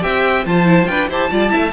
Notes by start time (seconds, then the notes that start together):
0.00 C4 G4 E5 G5
0.45 F3 F4 C5 A5
0.64 E4
0.85 D4 F4 B4 G5
1.08 E4 G4 C5 A5
1.30 G3 F4 D5
1.49 E4 E5
1.55 A3